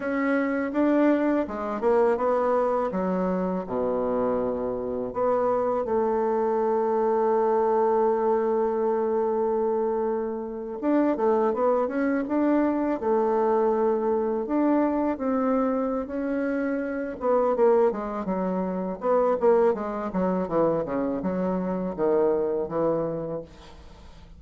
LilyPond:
\new Staff \with { instrumentName = "bassoon" } { \time 4/4 \tempo 4 = 82 cis'4 d'4 gis8 ais8 b4 | fis4 b,2 b4 | a1~ | a2~ a8. d'8 a8 b16~ |
b16 cis'8 d'4 a2 d'16~ | d'8. c'4~ c'16 cis'4. b8 | ais8 gis8 fis4 b8 ais8 gis8 fis8 | e8 cis8 fis4 dis4 e4 | }